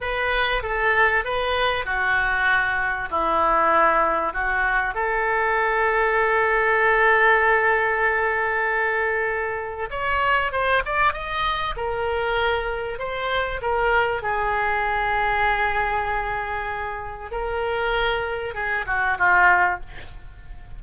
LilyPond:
\new Staff \with { instrumentName = "oboe" } { \time 4/4 \tempo 4 = 97 b'4 a'4 b'4 fis'4~ | fis'4 e'2 fis'4 | a'1~ | a'1 |
cis''4 c''8 d''8 dis''4 ais'4~ | ais'4 c''4 ais'4 gis'4~ | gis'1 | ais'2 gis'8 fis'8 f'4 | }